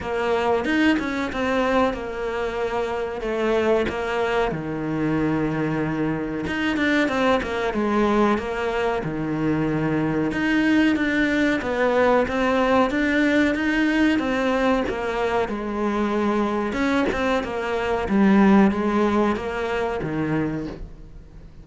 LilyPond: \new Staff \with { instrumentName = "cello" } { \time 4/4 \tempo 4 = 93 ais4 dis'8 cis'8 c'4 ais4~ | ais4 a4 ais4 dis4~ | dis2 dis'8 d'8 c'8 ais8 | gis4 ais4 dis2 |
dis'4 d'4 b4 c'4 | d'4 dis'4 c'4 ais4 | gis2 cis'8 c'8 ais4 | g4 gis4 ais4 dis4 | }